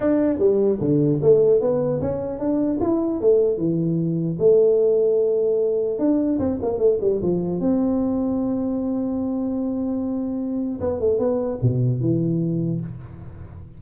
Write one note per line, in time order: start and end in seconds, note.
0.00 0.39 D4
0.39 0.79 G3
0.80 1.20 D3
1.22 1.61 A3
1.61 2.01 B3
2.01 2.39 C#4
2.39 2.79 D4
2.81 3.20 E4
3.20 3.57 A3
3.57 4.37 E3
4.39 5.98 A3
5.98 6.38 D4
6.39 6.59 C4
6.61 6.78 A#3
6.78 6.98 A3
7.00 7.20 G3
7.22 7.60 F3
7.60 10.80 C4
10.80 11.00 B3
11.00 11.19 A3
11.19 11.59 B3
11.61 12.00 B2
12.00 12.80 E3